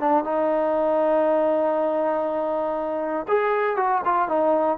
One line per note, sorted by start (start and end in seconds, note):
0.00 0.24 D4
0.24 3.27 D#4
3.28 3.77 G#4
3.77 4.02 F#4
4.05 4.29 F4
4.29 4.78 D#4